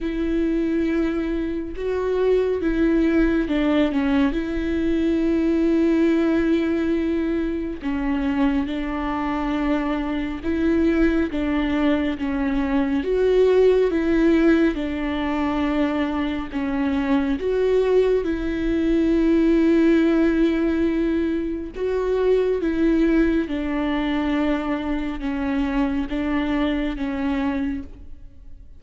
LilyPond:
\new Staff \with { instrumentName = "viola" } { \time 4/4 \tempo 4 = 69 e'2 fis'4 e'4 | d'8 cis'8 e'2.~ | e'4 cis'4 d'2 | e'4 d'4 cis'4 fis'4 |
e'4 d'2 cis'4 | fis'4 e'2.~ | e'4 fis'4 e'4 d'4~ | d'4 cis'4 d'4 cis'4 | }